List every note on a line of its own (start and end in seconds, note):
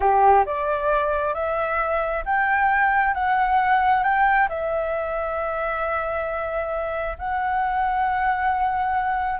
0.00 0.44 G4
0.45 1.34 D5
1.34 2.23 E5
2.25 3.14 G5
3.14 4.03 F#5
4.03 4.48 G5
4.48 7.17 E5
7.18 9.39 F#5